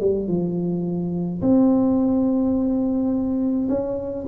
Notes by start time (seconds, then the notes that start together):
0.00 G3
0.28 F3
1.42 C4
3.68 C#4